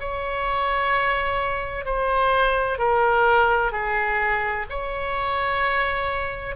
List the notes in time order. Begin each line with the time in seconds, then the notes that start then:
0.00 C#5
1.85 C5
2.78 A#4
3.72 G#4
4.70 C#5